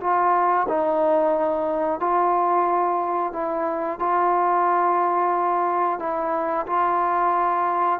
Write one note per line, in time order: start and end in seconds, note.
0.00 0.67 F4
0.68 2.00 D#4
2.00 3.32 F4
3.32 3.99 E4
3.99 5.99 F4
5.99 6.65 E4
6.66 7.99 F4